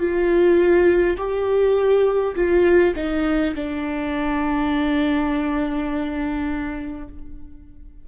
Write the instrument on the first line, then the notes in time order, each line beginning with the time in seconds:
viola
0.00 F4
1.18 G4
2.36 F4
2.96 D#4
3.56 D4